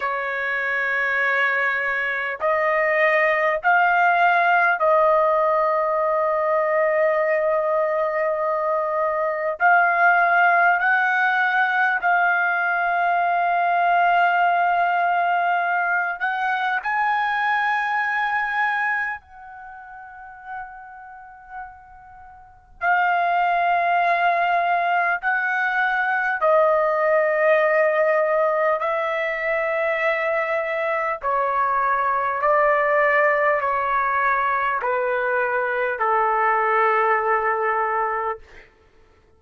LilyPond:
\new Staff \with { instrumentName = "trumpet" } { \time 4/4 \tempo 4 = 50 cis''2 dis''4 f''4 | dis''1 | f''4 fis''4 f''2~ | f''4. fis''8 gis''2 |
fis''2. f''4~ | f''4 fis''4 dis''2 | e''2 cis''4 d''4 | cis''4 b'4 a'2 | }